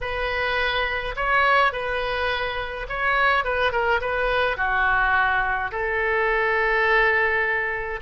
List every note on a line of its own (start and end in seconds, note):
0.01 1.15 B4
1.16 1.72 C#5
1.72 2.86 B4
2.88 3.44 C#5
3.44 3.71 B4
3.71 4.00 A#4
4.01 4.56 B4
4.56 5.71 F#4
5.71 8.00 A4